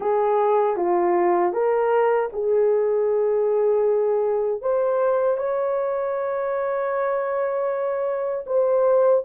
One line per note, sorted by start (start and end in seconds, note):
0.00 0.76 G#4
0.76 1.52 F4
1.52 2.29 A#4
2.32 4.61 G#4
4.61 5.37 C5
5.37 8.44 C#5
8.46 9.23 C5